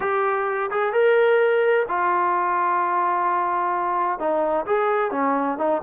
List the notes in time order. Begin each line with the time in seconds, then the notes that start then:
0.00 G4
0.71 G#4
0.92 A#4
1.88 F4
4.19 D#4
4.66 G#4
5.11 C#4
5.58 D#4